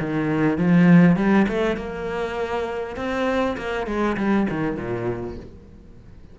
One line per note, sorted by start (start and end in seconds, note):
0.00 0.58 D#3
0.58 1.16 F3
1.16 1.46 G3
1.48 1.76 A3
1.76 2.96 A#3
2.96 3.56 C4
3.58 3.87 A#3
3.87 4.17 G#3
4.17 4.47 G3
4.50 4.77 D#3
4.77 5.37 A#2